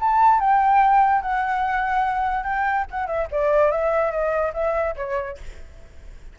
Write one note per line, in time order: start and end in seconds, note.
0.00 0.40 A5
0.40 1.22 G5
1.22 2.44 F#5
2.44 2.85 G5
2.91 3.07 F#5
3.07 3.27 E5
3.31 3.71 D5
3.71 4.11 E5
4.11 4.52 D#5
4.54 4.95 E5
4.96 5.38 C#5